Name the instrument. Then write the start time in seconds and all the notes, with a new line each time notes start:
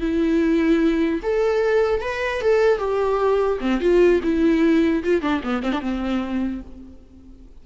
viola
0.00 E4
1.23 A4
2.01 B4
2.41 A4
2.78 G4
3.60 C4
3.80 F4
4.23 E4
5.03 F4
5.21 D4
5.43 B3
5.62 C4
5.72 D4
5.80 C4